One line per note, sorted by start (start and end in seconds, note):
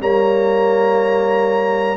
0.00 1.97 G3
0.00 1.97 A#3
0.00 1.98 C#5
0.00 1.98 A#5